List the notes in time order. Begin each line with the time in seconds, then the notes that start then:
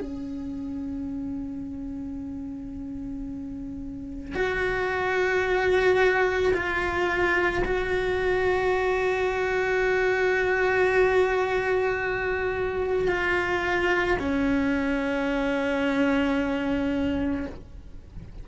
0.00 C#4
4.34 F#4
6.54 F4
7.64 F#4
13.08 F4
14.19 C#4